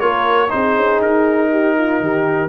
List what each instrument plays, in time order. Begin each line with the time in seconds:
0.00 tuba A#3, trombone F4, horn A#4, trumpet C#5
0.48 tuba C4, trombone D#4, horn G#4, trumpet C5
0.76 tuba C#4
1.01 tuba D#4, trumpet A#4
1.51 horn G4
1.78 horn F4
2.01 tuba D#3, horn G4